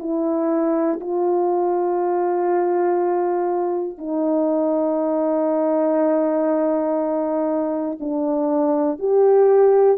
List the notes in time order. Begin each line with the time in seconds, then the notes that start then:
0.00 E4
1.00 F4
3.98 D#4
8.00 D4
8.99 G4